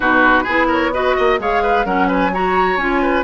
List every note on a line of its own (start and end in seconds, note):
0.00 0.46 B2
0.00 0.44 D#4
0.00 0.43 F#4
0.00 0.68 B4
0.43 1.16 B3
0.43 0.93 E4
0.43 0.66 G#4
0.67 0.91 A#4
0.67 0.93 C#5
0.93 1.39 F#4
0.93 1.16 B4
0.93 1.40 D#5
1.16 1.39 A#3
1.16 1.39 D#5
1.39 1.84 G#3
1.39 1.85 G#4
1.39 1.62 C#5
1.39 1.86 F5
1.62 1.85 B4
1.84 2.76 F#3
1.84 2.31 C#4
1.84 2.07 A#4
1.84 2.09 F#5
2.07 2.30 B4
2.07 2.34 G#5
2.32 2.79 F#4
2.32 3.02 C#5
2.32 2.77 A#5
2.76 3.23 C#4
2.76 3.24 F4
2.76 3.23 G#5
3.02 3.24 B4